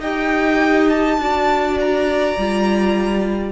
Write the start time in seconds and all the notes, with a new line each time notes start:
0.00 D#4 G4 D#5 G5
0.89 A5
1.17 D4 F#4 D5
1.80 A#5
2.37 G3 F4